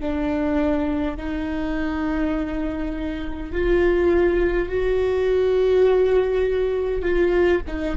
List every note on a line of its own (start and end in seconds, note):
0.00 1.17 D4
1.17 3.52 D#4
3.52 4.68 F4
4.68 7.02 F#4
7.02 7.60 F4
7.67 7.96 D#4